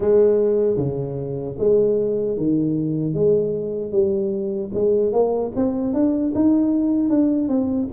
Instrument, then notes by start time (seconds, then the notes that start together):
tuba
0.00 G#3
0.76 C#3
1.58 G#3
2.37 D#3
3.14 G#3
3.91 G3
4.74 G#3
5.12 A#3
5.55 C4
5.93 D4
6.34 D#4
7.09 D4
7.48 C4